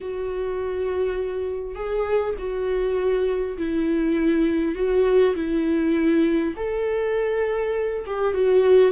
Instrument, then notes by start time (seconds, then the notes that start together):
viola
0.01 F#4
1.75 G#4
2.38 F#4
3.57 E4
4.75 F#4
5.35 E4
6.56 A4
8.06 G4
8.33 F#4